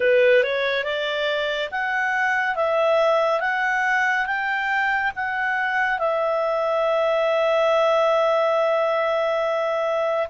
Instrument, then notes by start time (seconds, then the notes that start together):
clarinet
0.00 B4
0.43 C#5
0.84 D5
1.71 F#5
2.55 E5
3.40 F#5
4.25 G5
5.15 F#5
5.98 E5